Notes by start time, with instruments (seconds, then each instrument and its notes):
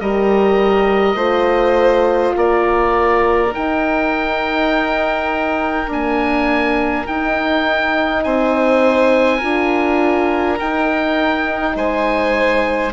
0.00 bassoon G3, horn G4, violin A#4, oboe D#5
1.15 bassoon A3, horn F4, violin C5
2.36 bassoon A#3, violin A#4, oboe D5
3.52 horn D#4, bassoon D#4, oboe G5
5.87 horn A#3, bassoon D4, oboe G#5
7.07 horn D#4, bassoon D#4, oboe G5
8.23 bassoon C4, violin C5, oboe G#5
9.37 bassoon D4, horn F4, violin A#4
10.59 horn D#4, bassoon D#4, oboe G5
11.75 bassoon G#3, violin C5, oboe G#5